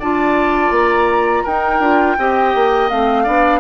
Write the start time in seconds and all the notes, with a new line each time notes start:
0.00 D4 F4 D5 A5
0.71 A#3 A#5
1.44 D#4 A#4 G5
1.80 D4 F4
2.19 C4 G4 D#5
2.55 A#3
2.90 A3 C4 F5
3.24 B3 D4 D5